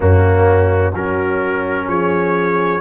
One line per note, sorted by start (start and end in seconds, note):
0.00 0.94 F#2
0.00 0.91 A#3
0.00 0.93 C#4
0.00 0.94 F#4
0.93 1.88 F#3
0.93 2.80 C#4
0.93 1.86 F#4
0.93 1.88 A#4
1.88 2.80 F3
1.88 2.80 G#4
1.88 2.80 C#5